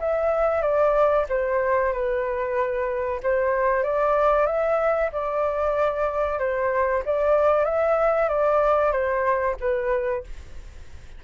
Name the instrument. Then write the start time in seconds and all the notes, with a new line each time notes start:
flute
0.00 E5
0.62 D5
1.29 C5
1.93 B4
3.23 C5
3.84 D5
4.47 E5
5.12 D5
6.39 C5
7.06 D5
7.65 E5
8.29 D5
8.92 C5
9.60 B4